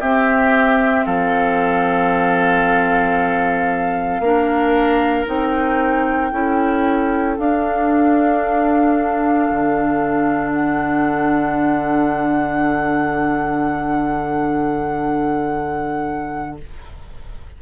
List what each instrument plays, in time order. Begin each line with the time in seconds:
0.00 bassoon C4, clarinet C4, oboe G4, flute E5
1.06 bassoon F3, oboe A4, flute F5
4.20 bassoon A#3, clarinet D4, oboe A#4
5.26 bassoon C4, clarinet D#4, flute G5
6.31 bassoon C#4, clarinet E4, oboe A4
7.37 bassoon D4, clarinet D4, flute F5
9.51 bassoon D3
10.52 flute F#5